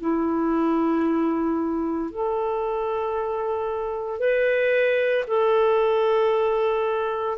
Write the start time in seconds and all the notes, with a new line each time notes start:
0.00 E4
2.11 A4
4.19 B4
5.27 A4